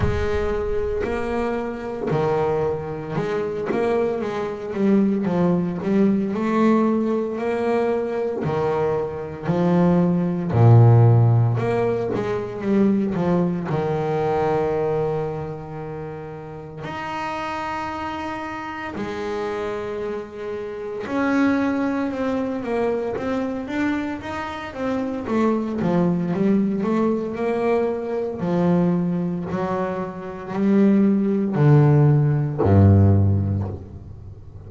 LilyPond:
\new Staff \with { instrumentName = "double bass" } { \time 4/4 \tempo 4 = 57 gis4 ais4 dis4 gis8 ais8 | gis8 g8 f8 g8 a4 ais4 | dis4 f4 ais,4 ais8 gis8 | g8 f8 dis2. |
dis'2 gis2 | cis'4 c'8 ais8 c'8 d'8 dis'8 c'8 | a8 f8 g8 a8 ais4 f4 | fis4 g4 d4 g,4 | }